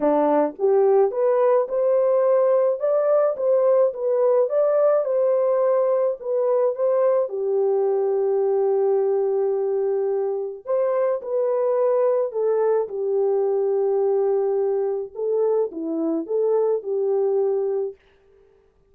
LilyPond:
\new Staff \with { instrumentName = "horn" } { \time 4/4 \tempo 4 = 107 d'4 g'4 b'4 c''4~ | c''4 d''4 c''4 b'4 | d''4 c''2 b'4 | c''4 g'2.~ |
g'2. c''4 | b'2 a'4 g'4~ | g'2. a'4 | e'4 a'4 g'2 | }